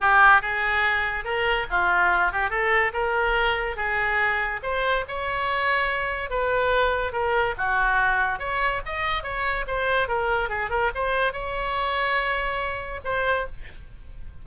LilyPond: \new Staff \with { instrumentName = "oboe" } { \time 4/4 \tempo 4 = 143 g'4 gis'2 ais'4 | f'4. g'8 a'4 ais'4~ | ais'4 gis'2 c''4 | cis''2. b'4~ |
b'4 ais'4 fis'2 | cis''4 dis''4 cis''4 c''4 | ais'4 gis'8 ais'8 c''4 cis''4~ | cis''2. c''4 | }